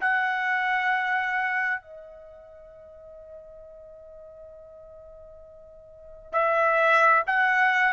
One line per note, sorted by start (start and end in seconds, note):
0.00 1.81 F#5
1.81 6.32 D#5
6.32 7.23 E5
7.26 7.93 F#5